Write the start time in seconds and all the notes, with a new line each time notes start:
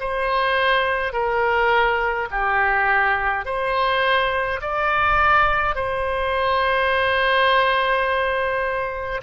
0.00 C5
1.13 A#4
2.31 G4
3.46 C5
4.62 D5
5.75 C5